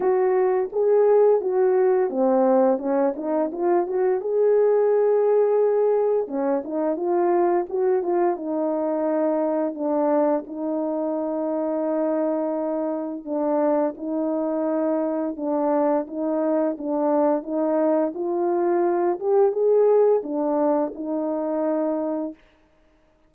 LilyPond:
\new Staff \with { instrumentName = "horn" } { \time 4/4 \tempo 4 = 86 fis'4 gis'4 fis'4 c'4 | cis'8 dis'8 f'8 fis'8 gis'2~ | gis'4 cis'8 dis'8 f'4 fis'8 f'8 | dis'2 d'4 dis'4~ |
dis'2. d'4 | dis'2 d'4 dis'4 | d'4 dis'4 f'4. g'8 | gis'4 d'4 dis'2 | }